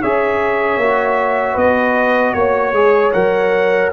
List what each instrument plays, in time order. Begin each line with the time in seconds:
0.00 tuba C#4, trombone G#4, horn C#5, trumpet E5
0.77 tuba A#3, trombone F#4
1.53 tuba B3, horn B4, trumpet D#5
2.33 tuba A#3, trumpet C#5, horn C#5
2.72 tuba G#3, trombone G#4
3.12 tuba F#3, trombone A#4, trumpet F#5